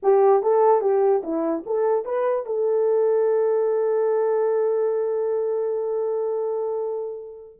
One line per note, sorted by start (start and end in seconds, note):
0.02 0.42 G4
0.42 0.81 A4
0.81 1.22 G4
1.23 1.64 E4
1.66 2.05 A4
2.05 2.46 B4
2.46 7.59 A4